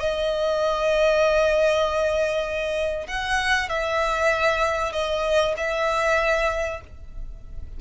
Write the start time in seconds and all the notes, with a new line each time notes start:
0.00 D#5
3.07 F#5
3.69 E5
4.92 D#5
5.57 E5